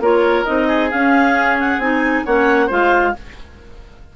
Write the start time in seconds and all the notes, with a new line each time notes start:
0.00 A#3 F4 A#4 C#5
0.45 C4 D#4 D#5
0.68 G#4
0.90 C#4 F5
1.59 F#5
1.78 C4 D#4 G#5
2.25 A#3 C#4 C#5 F#5
2.67 G#3 F4 C5 F5